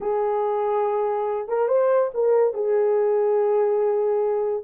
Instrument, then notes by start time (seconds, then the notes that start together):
horn
0.01 G#4
1.48 A#4
1.68 C5
2.14 A#4
2.54 G#4